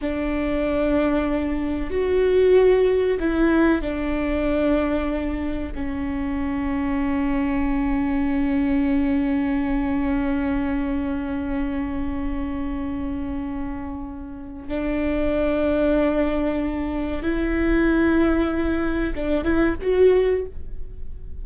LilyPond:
\new Staff \with { instrumentName = "viola" } { \time 4/4 \tempo 4 = 94 d'2. fis'4~ | fis'4 e'4 d'2~ | d'4 cis'2.~ | cis'1~ |
cis'1~ | cis'2. d'4~ | d'2. e'4~ | e'2 d'8 e'8 fis'4 | }